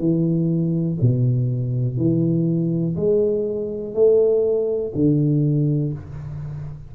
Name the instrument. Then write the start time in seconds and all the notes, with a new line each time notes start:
tuba
0.00 E3
1.01 B2
1.98 E3
2.96 G#3
3.94 A3
4.95 D3